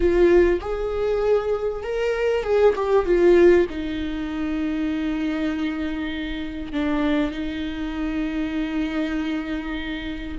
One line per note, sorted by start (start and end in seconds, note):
0.00 0.60 F4
0.60 1.83 G#4
1.83 2.43 A#4
2.43 2.73 G#4
2.75 3.05 G4
3.05 3.67 F4
3.69 6.72 D#4
6.72 7.31 D4
7.31 10.37 D#4